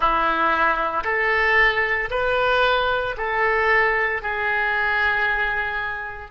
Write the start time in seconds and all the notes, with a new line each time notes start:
0.00 E4
1.03 A4
2.10 B4
3.17 A4
4.22 G#4